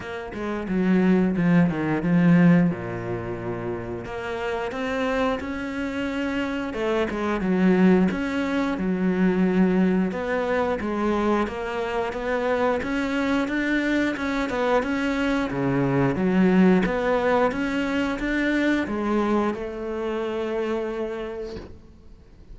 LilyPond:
\new Staff \with { instrumentName = "cello" } { \time 4/4 \tempo 4 = 89 ais8 gis8 fis4 f8 dis8 f4 | ais,2 ais4 c'4 | cis'2 a8 gis8 fis4 | cis'4 fis2 b4 |
gis4 ais4 b4 cis'4 | d'4 cis'8 b8 cis'4 cis4 | fis4 b4 cis'4 d'4 | gis4 a2. | }